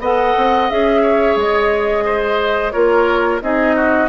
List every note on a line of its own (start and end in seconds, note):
0.00 0.34 B3
0.00 0.70 A4
0.00 1.02 D#5
0.00 0.70 F#5
0.37 0.71 C4
0.70 1.36 C#4
0.70 2.73 G#4
0.70 1.38 E5
1.02 2.04 C#5
1.36 2.73 G#3
1.36 2.71 D#5
2.05 2.73 C5
2.71 3.42 A#3
2.71 3.41 F4
2.71 3.41 A#4
2.71 3.40 C#5
3.41 4.09 C4
3.41 4.09 D#4
3.41 3.76 G#4
3.41 4.09 D#5
3.76 4.09 F#4